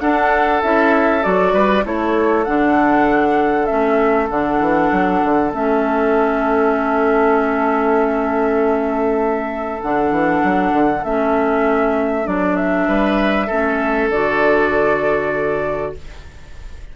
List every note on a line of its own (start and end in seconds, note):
0.00 0.61 D4
0.00 0.63 D4
0.00 1.54 A4
0.00 0.61 F#5
0.62 1.25 C#4
0.62 1.22 E4
0.62 1.23 E5
1.22 1.53 F#3
1.22 1.83 F#4
1.22 1.85 D5
1.53 1.84 G3
1.53 1.84 B4
1.84 2.46 A3
1.84 2.45 E4
1.84 12.88 A4
1.84 2.44 C#5
2.44 3.71 D3
2.44 3.67 D4
2.44 3.66 F#5
3.66 4.29 C#4
3.66 4.27 E5
3.72 4.30 A3
4.30 4.60 D3
4.30 5.52 D4
4.30 5.52 F#5
4.60 4.91 E3
4.92 5.22 F#3
5.24 5.53 D3
5.52 9.82 A3
5.52 9.81 C#4
5.52 9.82 E5
9.82 10.11 D3
9.82 11.05 D4
9.82 11.04 F#5
10.11 10.42 E3
10.44 10.73 F#3
10.73 11.03 D3
11.04 12.27 A3
11.04 12.24 C#4
11.04 12.27 E5
12.24 12.88 F#3
12.24 13.47 D4
12.24 12.56 D5
12.56 14.09 E5
12.88 13.49 G3
12.88 13.47 B4
13.47 14.10 A3
13.47 14.12 C#4
13.47 15.92 A4
14.10 15.94 D3
14.10 15.96 F#4
14.10 15.95 D5